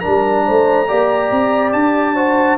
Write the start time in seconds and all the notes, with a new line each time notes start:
0.00 D4 A#4 A#5
0.06 G3
0.46 A3 C5
0.88 A#3 G4 D5
1.31 C4
1.73 D4 A5
2.15 F#4 C5